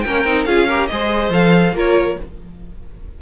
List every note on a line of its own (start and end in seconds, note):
0.00 0.24 A#3
0.00 0.25 C#4
0.00 0.47 A#4
0.00 0.43 G5
0.24 0.45 C4
0.24 0.47 D#4
0.45 0.88 C#4
0.45 0.68 F4
0.45 0.67 G#4
0.45 0.86 F5
0.67 0.90 G4
0.67 0.89 A#4
0.86 1.29 G#3
0.86 1.31 G#4
0.86 1.74 C5
0.86 1.30 D#5
1.29 1.72 F3
1.29 1.74 A4
1.29 1.76 F5
1.72 2.15 A#3
1.72 2.17 F4
1.72 2.17 A#4
1.72 2.21 C#5